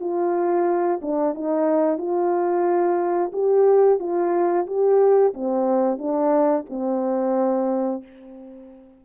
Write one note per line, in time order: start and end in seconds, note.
0.00 1.00 F4
1.01 1.34 D4
1.34 1.98 D#4
1.98 3.31 F4
3.32 3.99 G4
3.99 4.66 F4
4.66 5.33 G4
5.34 5.98 C4
5.98 6.64 D4
6.69 8.02 C4